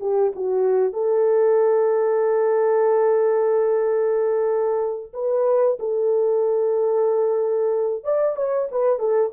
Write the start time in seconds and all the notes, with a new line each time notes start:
0.00 G4
0.35 F#4
0.93 A4
5.13 B4
5.79 A4
8.04 D5
8.36 C#5
8.71 B4
8.99 A4